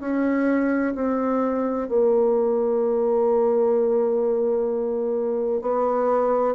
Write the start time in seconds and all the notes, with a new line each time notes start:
0.00 C#4
0.95 C4
1.89 A#3
5.62 B3